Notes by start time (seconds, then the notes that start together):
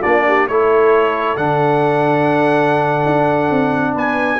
0.00 A#3 D4 F4 D5
0.27 G4
0.48 A3 E4 A4 C#5
1.37 D3 D4 F#5
3.06 D4
3.51 C4
3.94 B3 B4 G#5